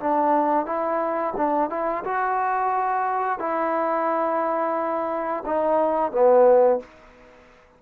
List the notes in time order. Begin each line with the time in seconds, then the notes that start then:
0.00 D4
0.66 E4
1.36 D4
1.70 E4
2.04 F#4
3.39 E4
5.46 D#4
6.12 B3